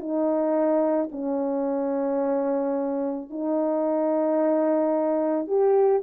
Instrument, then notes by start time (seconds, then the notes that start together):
horn
0.00 D#4
1.12 C#4
3.30 D#4
5.47 G4